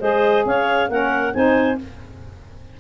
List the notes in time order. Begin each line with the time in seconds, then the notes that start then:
0.00 G#3 G#4 C5 D#5
0.46 C#4 C#5 F5
0.90 A#3 C#4 A#4 F#5
1.34 C4 D#4 C5 G#5